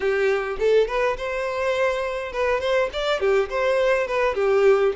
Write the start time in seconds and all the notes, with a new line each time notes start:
0.00 G4
0.59 A4
0.87 B4
1.17 C5
2.32 B4
2.60 C5
2.92 D5
3.20 G4
3.50 C5
4.07 B4
4.35 G4